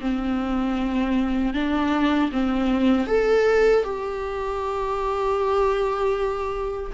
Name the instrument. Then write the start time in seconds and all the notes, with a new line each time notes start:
viola
0.00 C4
1.54 D4
2.32 C4
3.07 A4
3.84 G4